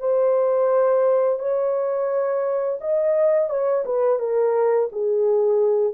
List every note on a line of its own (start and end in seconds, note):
0.00 1.39 C5
1.39 2.79 C#5
2.81 3.49 D#5
3.49 3.84 C#5
3.85 4.20 B4
4.20 4.89 A#4
4.92 5.94 G#4